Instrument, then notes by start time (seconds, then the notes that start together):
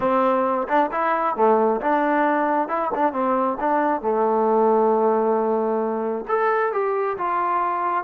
trombone
0.00 C4
0.68 D4
0.91 E4
1.36 A3
1.81 D4
2.68 E4
2.95 D4
3.12 C4
3.59 D4
4.01 A3
6.28 A4
6.72 G4
7.17 F4